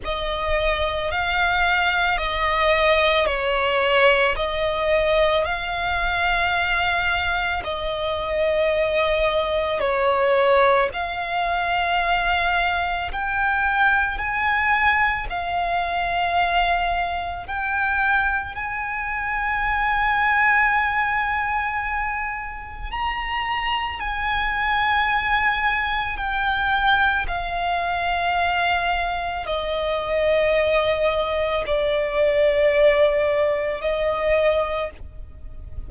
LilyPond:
\new Staff \with { instrumentName = "violin" } { \time 4/4 \tempo 4 = 55 dis''4 f''4 dis''4 cis''4 | dis''4 f''2 dis''4~ | dis''4 cis''4 f''2 | g''4 gis''4 f''2 |
g''4 gis''2.~ | gis''4 ais''4 gis''2 | g''4 f''2 dis''4~ | dis''4 d''2 dis''4 | }